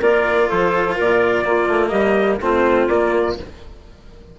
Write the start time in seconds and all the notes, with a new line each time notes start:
0.00 A#3 F4 A#4 D5
0.48 F3 A4 C5
0.95 A#2 A#4 D5
1.44 A#3 F4
1.67 A3
1.89 G3 G4 D#5
2.41 A3 C4 F4 C5
2.88 A#3 D5